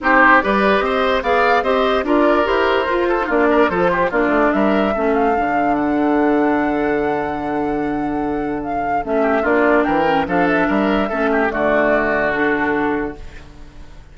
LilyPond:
<<
  \new Staff \with { instrumentName = "flute" } { \time 4/4 \tempo 4 = 146 c''4 d''4 dis''4 f''4 | dis''4 d''4 c''2 | d''4 c''4 d''4 e''4~ | e''8 f''4. fis''2~ |
fis''1~ | fis''4 f''4 e''4 d''4 | g''4 f''8 e''2~ e''8 | d''2 a'2 | }
  \new Staff \with { instrumentName = "oboe" } { \time 4/4 g'4 b'4 c''4 d''4 | c''4 ais'2~ ais'8 a'8 | f'8 ais'8 a'8 g'8 f'4 ais'4 | a'1~ |
a'1~ | a'2~ a'8 g'8 f'4 | ais'4 a'4 ais'4 a'8 g'8 | fis'1 | }
  \new Staff \with { instrumentName = "clarinet" } { \time 4/4 dis'4 g'2 gis'4 | g'4 f'4 g'4 f'8. dis'16 | d'4 f'4 d'2 | cis'4 d'2.~ |
d'1~ | d'2 cis'4 d'4~ | d'8 cis'8 d'2 cis'4 | a2 d'2 | }
  \new Staff \with { instrumentName = "bassoon" } { \time 4/4 c'4 g4 c'4 b4 | c'4 d'4 e'4 f'4 | ais4 f4 ais8 a8 g4 | a4 d2.~ |
d1~ | d2 a4 ais4 | e4 f4 g4 a4 | d1 | }
>>